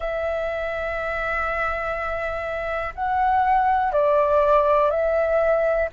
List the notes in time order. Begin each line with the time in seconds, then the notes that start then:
0.00 E5
2.94 F#5
3.92 D5
4.90 E5